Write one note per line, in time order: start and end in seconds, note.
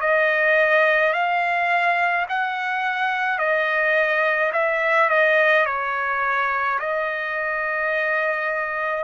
0.00 1.13 D#5
1.13 2.26 F5
2.28 3.39 F#5
3.39 4.52 D#5
4.52 5.09 E5
5.09 5.66 D#5
5.66 6.79 C#5
6.79 9.04 D#5